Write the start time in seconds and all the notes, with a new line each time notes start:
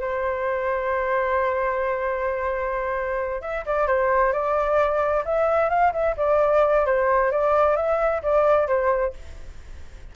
0.00 C5
3.41 E5
3.66 D5
3.87 C5
4.33 D5
5.25 E5
5.69 F5
5.93 E5
6.17 D5
6.86 C5
7.31 D5
7.76 E5
8.23 D5
8.67 C5